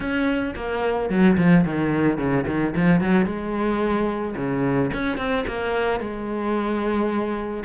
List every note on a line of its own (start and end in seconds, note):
0.00 0.54 C#4
0.55 1.09 A#3
1.09 1.36 F#3
1.37 1.64 F3
1.64 2.18 D#3
2.18 2.45 C#3
2.47 2.74 D#3
2.76 3.00 F3
3.00 3.25 F#3
3.25 4.34 G#3
4.36 4.90 C#3
4.93 5.17 C#4
5.17 5.44 C4
5.47 6.00 A#3
6.00 7.63 G#3